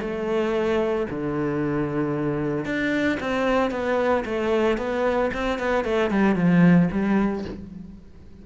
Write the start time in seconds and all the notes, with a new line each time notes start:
0.00 A3
1.10 D3
2.65 D4
3.20 C4
3.70 B3
4.25 A3
4.77 B3
5.33 C4
5.58 B3
5.84 A3
6.10 G3
6.35 F3
6.91 G3